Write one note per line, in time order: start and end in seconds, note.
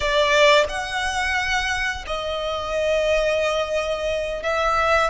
0.00 0.64 D5
0.68 2.05 F#5
2.06 4.42 D#5
4.42 5.10 E5